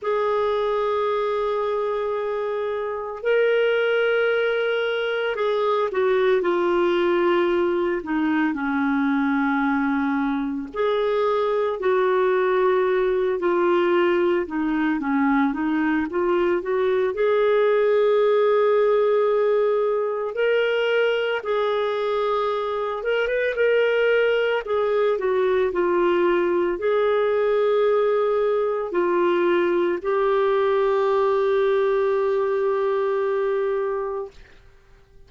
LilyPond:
\new Staff \with { instrumentName = "clarinet" } { \time 4/4 \tempo 4 = 56 gis'2. ais'4~ | ais'4 gis'8 fis'8 f'4. dis'8 | cis'2 gis'4 fis'4~ | fis'8 f'4 dis'8 cis'8 dis'8 f'8 fis'8 |
gis'2. ais'4 | gis'4. ais'16 b'16 ais'4 gis'8 fis'8 | f'4 gis'2 f'4 | g'1 | }